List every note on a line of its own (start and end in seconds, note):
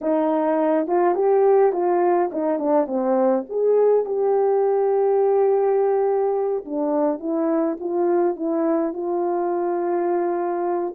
0.01 0.87 D#4
0.87 1.14 F4
1.14 1.72 G4
1.72 2.30 F4
2.32 2.58 D#4
2.58 2.86 D4
2.86 3.44 C4
3.49 4.05 G#4
4.05 6.65 G4
6.65 7.19 D4
7.19 7.77 E4
7.79 8.35 F4
8.35 8.93 E4
8.93 10.95 F4